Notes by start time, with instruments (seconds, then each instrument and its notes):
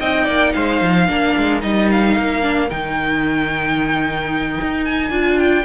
0.00 cello C4, viola D#4, violin D#5 G5
0.24 cello A#3, violin D5
0.53 cello G#3, violin C5 F5
0.82 cello F3
1.07 cello A#3, viola D4, violin A#4
1.37 cello G#3
1.62 cello G3, viola D#4, violin D#5
1.92 violin F5
2.17 cello A#3
2.42 viola D4
2.70 cello D#3, viola D#4, violin G5
4.61 cello D#4
4.85 violin G#5
5.11 cello D4, viola F4
5.39 violin G5